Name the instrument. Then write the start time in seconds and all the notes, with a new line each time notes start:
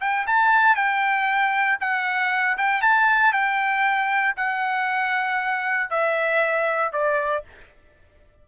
trumpet
0.00 G5
0.26 A5
0.75 G5
1.80 F#5
2.57 G5
2.81 A5
3.32 G5
4.36 F#5
5.90 E5
6.92 D5